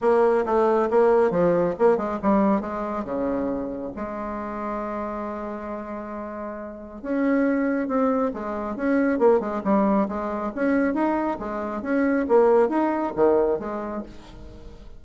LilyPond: \new Staff \with { instrumentName = "bassoon" } { \time 4/4 \tempo 4 = 137 ais4 a4 ais4 f4 | ais8 gis8 g4 gis4 cis4~ | cis4 gis2.~ | gis1 |
cis'2 c'4 gis4 | cis'4 ais8 gis8 g4 gis4 | cis'4 dis'4 gis4 cis'4 | ais4 dis'4 dis4 gis4 | }